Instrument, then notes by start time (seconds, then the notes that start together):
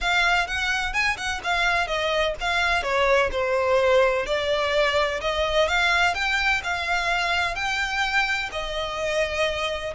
violin
0.00 F5
0.47 F#5
0.93 G#5
1.17 F#5
1.43 F5
1.87 D#5
2.40 F5
2.82 C#5
3.31 C5
4.26 D5
5.21 D#5
5.68 F5
6.14 G5
6.63 F5
7.55 G5
8.52 D#5